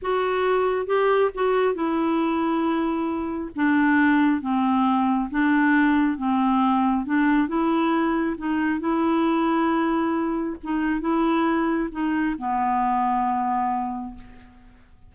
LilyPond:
\new Staff \with { instrumentName = "clarinet" } { \time 4/4 \tempo 4 = 136 fis'2 g'4 fis'4 | e'1 | d'2 c'2 | d'2 c'2 |
d'4 e'2 dis'4 | e'1 | dis'4 e'2 dis'4 | b1 | }